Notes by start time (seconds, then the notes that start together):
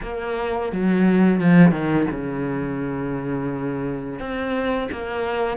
0.02 A#3
0.72 F#3
1.40 F3
1.71 D#3
2.11 C#3
4.19 C4
4.91 A#3